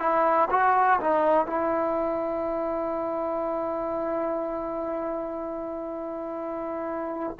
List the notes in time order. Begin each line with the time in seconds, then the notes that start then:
0.00 E4
0.51 F#4
1.01 D#4
1.47 E4